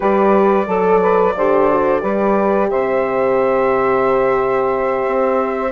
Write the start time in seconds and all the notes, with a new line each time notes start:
0.00 G3 G4 B4 D5
0.66 F#3 A4
1.01 B4
1.36 D3 G4 C5
1.70 F#4
2.00 G3 G4 B4
2.70 C3 C5 E5
5.06 C4